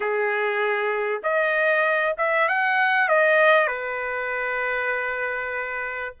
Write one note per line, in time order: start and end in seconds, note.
0.00 1.22 G#4
1.23 2.16 D#5
2.17 2.48 E5
2.48 3.08 F#5
3.08 3.67 D#5
3.67 6.14 B4